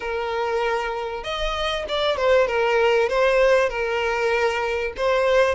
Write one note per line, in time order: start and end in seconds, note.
0.00 1.23 A#4
1.23 1.85 D#5
1.88 2.16 D5
2.16 2.47 C5
2.47 3.09 A#4
3.09 3.69 C5
3.69 4.93 A#4
4.97 5.54 C5